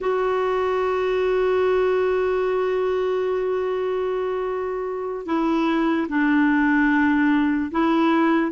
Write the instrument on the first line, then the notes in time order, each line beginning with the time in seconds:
clarinet
0.00 F#4
5.26 E4
6.08 D4
7.71 E4